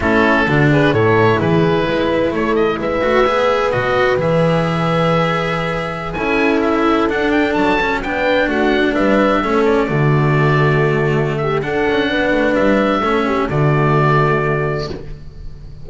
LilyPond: <<
  \new Staff \with { instrumentName = "oboe" } { \time 4/4 \tempo 4 = 129 a'4. b'8 cis''4 b'4~ | b'4 cis''8 dis''8 e''2 | dis''4 e''2.~ | e''4~ e''16 gis''4 e''4 fis''8 g''16~ |
g''16 a''4 g''4 fis''4 e''8.~ | e''8. d''2.~ d''16~ | d''8 e''8 fis''2 e''4~ | e''4 d''2. | }
  \new Staff \with { instrumentName = "horn" } { \time 4/4 e'4 fis'8 gis'8 a'4 gis'4 | b'4 a'4 b'2~ | b'1~ | b'4~ b'16 a'2~ a'8.~ |
a'4~ a'16 b'4 fis'4 b'8.~ | b'16 a'4 fis'2~ fis'8.~ | fis'8 g'8 a'4 b'2 | a'8 g'8 fis'2. | }
  \new Staff \with { instrumentName = "cello" } { \time 4/4 cis'4 d'4 e'2~ | e'2~ e'8 fis'8 gis'4 | fis'4 gis'2.~ | gis'4~ gis'16 e'2 d'8.~ |
d'8. cis'8 d'2~ d'8.~ | d'16 cis'4 a2~ a8.~ | a4 d'2. | cis'4 a2. | }
  \new Staff \with { instrumentName = "double bass" } { \time 4/4 a4 d4 a,4 e4 | gis4 a4 gis8 a8 b4 | b,4 e2.~ | e4~ e16 cis'2 d'8.~ |
d'16 fis4 b4 a4 g8.~ | g16 a4 d2~ d8.~ | d4 d'8 cis'8 b8 a8 g4 | a4 d2. | }
>>